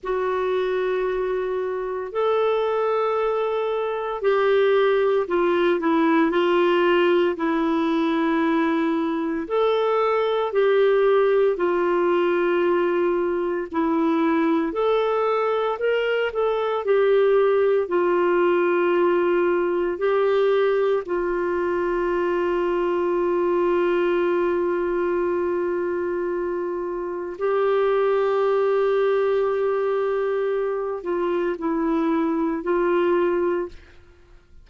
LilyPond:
\new Staff \with { instrumentName = "clarinet" } { \time 4/4 \tempo 4 = 57 fis'2 a'2 | g'4 f'8 e'8 f'4 e'4~ | e'4 a'4 g'4 f'4~ | f'4 e'4 a'4 ais'8 a'8 |
g'4 f'2 g'4 | f'1~ | f'2 g'2~ | g'4. f'8 e'4 f'4 | }